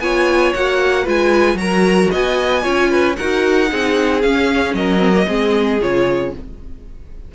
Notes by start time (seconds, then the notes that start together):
0.00 B3 F4 C#5 G#5
0.54 A#3 F#4 F#5
1.04 G#3 F4 B4 G#5
1.55 F#3 F#4 A#4 A#5
2.11 B3 D#5 G#5
2.62 C#4 F4 C#5
2.90 B4
3.16 D#4 F#4 A#4 F#5
3.68 C4 D#4 G#4
4.22 C#4 F5
4.74 F#3 A#4 D#5
4.99 C4
5.13 A#3
5.27 G#3 C4 G#4
5.81 C#3 F4 C#5